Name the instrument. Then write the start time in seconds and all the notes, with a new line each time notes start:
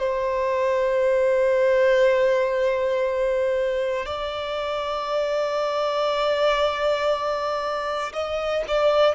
violin
0.00 C5
4.06 D5
8.13 D#5
8.68 D5